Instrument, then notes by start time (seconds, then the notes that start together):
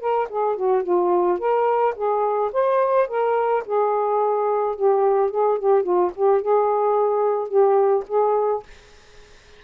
saxophone
0.00 A#4
0.29 G#4
0.56 F#4
0.83 F4
1.38 A#4
1.95 G#4
2.52 C5
3.08 A#4
3.65 G#4
4.76 G4
5.30 G#4
5.59 G4
5.83 F4
6.15 G4
6.41 G#4
7.48 G4
8.07 G#4